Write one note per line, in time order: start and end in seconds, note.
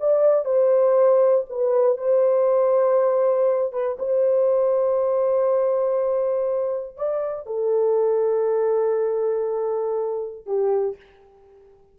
0.00 0.45 D5
0.45 1.45 C5
1.50 1.97 B4
1.97 3.72 C5
3.72 3.97 B4
3.99 6.97 C5
6.97 7.46 D5
7.46 10.46 A4
10.46 10.96 G4